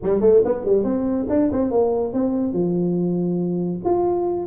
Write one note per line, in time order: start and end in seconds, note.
0.02 0.20 G3
0.20 0.42 A3
0.44 0.64 B3
0.64 0.84 G3
0.84 1.26 C4
1.29 1.50 D4
1.52 1.70 C4
1.70 2.13 A#3
2.13 2.53 C4
2.53 3.80 F3
3.84 4.46 F4